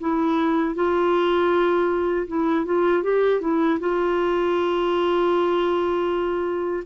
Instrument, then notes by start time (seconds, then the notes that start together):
clarinet
0.00 E4
0.75 F4
2.27 E4
2.65 F4
3.03 G4
3.41 E4
3.79 F4